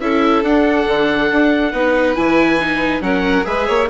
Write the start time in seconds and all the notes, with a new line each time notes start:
0.00 C#4 E4 A4 E5
0.42 D4 F#5
0.87 D3
1.31 D4
1.72 B3 D#4 B4
2.15 E3 E4 G#5
2.60 D#4
3.00 F#3 C#4 A#4 F#5
3.44 G#3 G#4 B4 E5
3.67 A#3 C#5